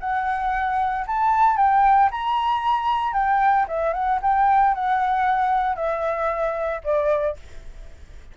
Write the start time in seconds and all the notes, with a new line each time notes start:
0.00 F#5
1.07 A5
1.57 G5
2.11 A#5
3.13 G5
3.68 E5
3.93 F#5
4.22 G5
4.75 F#5
5.76 E5
6.84 D5